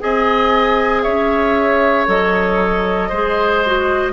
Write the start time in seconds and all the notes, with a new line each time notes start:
0.00 C4 G#4 D#5 G#5
1.03 C#4 C#5 E5
2.07 F#3 A4 D#5
3.09 G#3 G#4 C5
3.66 F#4